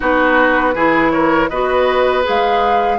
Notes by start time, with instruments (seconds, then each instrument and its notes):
0.00 bassoon B3, clarinet D#4, oboe F#4, flute B4
0.74 bassoon E3, clarinet E4, oboe G#4
1.10 oboe A#4, flute C#5
1.48 bassoon B3, clarinet F#4, oboe B4, flute D#5
2.23 bassoon G#3, clarinet G#4, flute F5